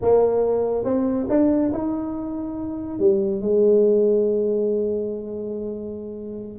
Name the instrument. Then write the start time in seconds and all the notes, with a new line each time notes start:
tuba
0.01 A#3
0.84 C4
1.29 D4
1.72 D#4
2.99 G3
3.41 G#3